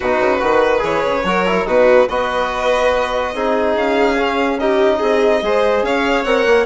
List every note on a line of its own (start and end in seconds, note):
0.00 0.20 B2
0.00 0.39 D#4
0.00 0.41 F#4
0.00 0.82 B4
0.20 0.41 C#3
0.39 0.82 D#3
0.39 0.78 F#4
0.39 1.26 B4
0.78 1.03 E3
0.78 1.20 G#4
0.78 1.67 C#5
1.05 1.23 C#3
1.23 1.65 F#3
1.23 1.46 F#4
1.23 1.66 A#4
1.46 1.66 E4
1.65 2.07 B2
1.65 2.08 D#4
1.65 2.08 F#4
1.65 2.08 B4
2.08 3.34 B3
2.08 3.34 F#4
2.08 3.34 B4
2.08 3.75 D#5
3.34 3.75 C4
3.34 4.16 D#4
3.34 4.60 G#4
3.75 5.00 C#4
3.75 4.59 F5
4.16 4.58 C#4
4.59 5.43 D#4
4.59 4.98 G4
4.59 5.84 D#5
4.98 5.41 C4
4.98 5.40 G#4
5.41 5.82 G#3
5.41 6.26 G#4
5.41 5.85 C5
5.82 6.24 C#4
5.82 6.66 C#5
5.82 6.24 F5
6.24 6.45 C4
6.24 6.66 A#4
6.24 6.65 F#5
6.45 6.66 A#3